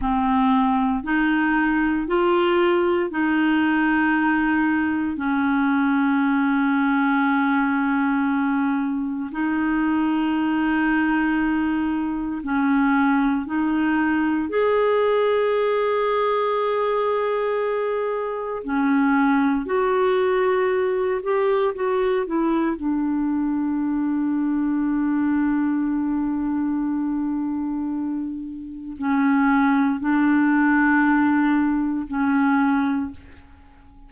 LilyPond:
\new Staff \with { instrumentName = "clarinet" } { \time 4/4 \tempo 4 = 58 c'4 dis'4 f'4 dis'4~ | dis'4 cis'2.~ | cis'4 dis'2. | cis'4 dis'4 gis'2~ |
gis'2 cis'4 fis'4~ | fis'8 g'8 fis'8 e'8 d'2~ | d'1 | cis'4 d'2 cis'4 | }